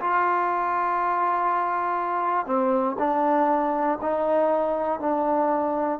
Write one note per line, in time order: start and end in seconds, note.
0.00 2.46 F4
2.46 2.96 C4
2.99 3.99 D4
4.01 4.99 D#4
4.99 5.99 D4